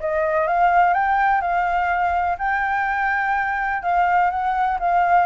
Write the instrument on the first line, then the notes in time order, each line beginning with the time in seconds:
flute
0.00 D#5
0.47 F5
0.94 G5
1.41 F5
2.38 G5
3.83 F5
4.30 F#5
4.80 F5